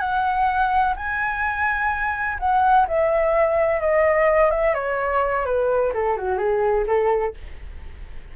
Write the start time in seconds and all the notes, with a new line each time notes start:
0.00 F#5
0.97 G#5
2.40 F#5
2.88 E5
3.81 D#5
4.51 E5
4.75 C#5
5.45 B4
5.94 A4
6.17 F#4
6.38 G#4
6.87 A4